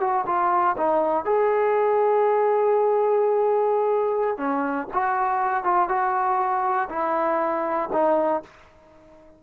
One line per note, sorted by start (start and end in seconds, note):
0.00 0.25 F#4
0.26 0.76 F4
0.77 1.25 D#4
1.25 4.37 G#4
4.37 4.87 C#4
4.93 5.64 F#4
5.64 5.88 F4
5.88 6.88 F#4
6.89 7.89 E4
7.92 8.42 D#4